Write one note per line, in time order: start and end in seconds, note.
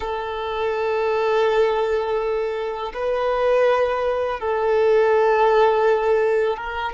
0.00 2.92 A4
2.93 4.39 B4
4.39 6.57 A4
6.57 6.93 A#4